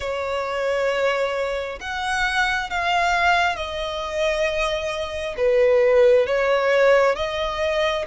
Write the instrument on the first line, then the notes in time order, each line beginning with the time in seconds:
violin
0.00 C#5
1.80 F#5
2.69 F5
3.56 D#5
5.37 B4
6.26 C#5
7.15 D#5